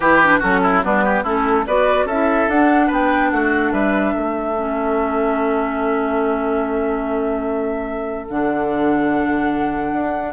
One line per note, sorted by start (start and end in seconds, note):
0.00 0.41 E3
0.00 0.21 E4
0.00 0.39 G4
0.00 0.41 B4
0.22 0.41 D4
0.39 0.84 F#3
0.39 0.82 C#4
0.39 0.59 F#4
0.39 0.83 A4
0.62 0.83 E4
0.82 1.23 G3
0.82 1.24 B3
0.82 1.04 D4
0.82 1.25 B4
1.04 1.23 G4
1.23 1.65 A3
1.23 1.65 C#4
1.23 1.65 E4
1.23 1.66 A4
1.66 2.05 B3
1.66 2.08 F#4
1.66 2.06 B4
1.66 2.08 D5
2.05 2.46 C#4
2.05 2.86 A4
2.05 2.49 E5
2.11 2.51 E4
2.48 2.89 D4
2.48 4.56 D4
2.48 2.91 F#5
2.86 3.31 B3
2.86 3.28 B4
2.93 3.30 G5
3.30 3.72 A3
3.30 3.72 F#4
3.30 3.71 F#5
3.72 4.13 G3
3.72 4.13 B4
3.72 8.27 E5
4.14 8.29 A3
4.14 10.33 A4
4.56 8.28 C#4
8.29 9.92 D3
8.29 10.33 D4
8.29 10.33 F#5
9.92 10.33 D4